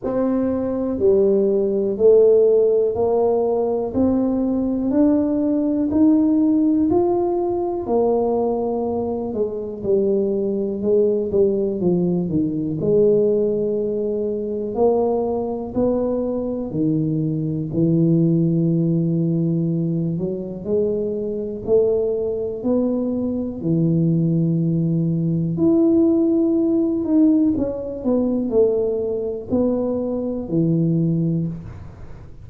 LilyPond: \new Staff \with { instrumentName = "tuba" } { \time 4/4 \tempo 4 = 61 c'4 g4 a4 ais4 | c'4 d'4 dis'4 f'4 | ais4. gis8 g4 gis8 g8 | f8 dis8 gis2 ais4 |
b4 dis4 e2~ | e8 fis8 gis4 a4 b4 | e2 e'4. dis'8 | cis'8 b8 a4 b4 e4 | }